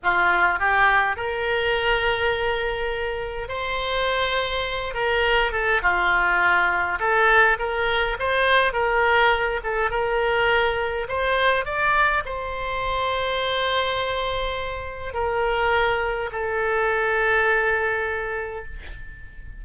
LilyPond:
\new Staff \with { instrumentName = "oboe" } { \time 4/4 \tempo 4 = 103 f'4 g'4 ais'2~ | ais'2 c''2~ | c''8 ais'4 a'8 f'2 | a'4 ais'4 c''4 ais'4~ |
ais'8 a'8 ais'2 c''4 | d''4 c''2.~ | c''2 ais'2 | a'1 | }